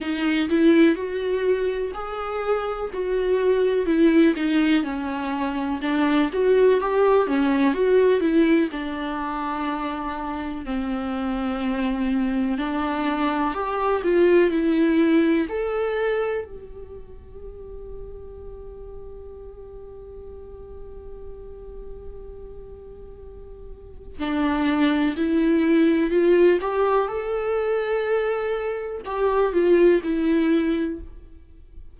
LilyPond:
\new Staff \with { instrumentName = "viola" } { \time 4/4 \tempo 4 = 62 dis'8 e'8 fis'4 gis'4 fis'4 | e'8 dis'8 cis'4 d'8 fis'8 g'8 cis'8 | fis'8 e'8 d'2 c'4~ | c'4 d'4 g'8 f'8 e'4 |
a'4 g'2.~ | g'1~ | g'4 d'4 e'4 f'8 g'8 | a'2 g'8 f'8 e'4 | }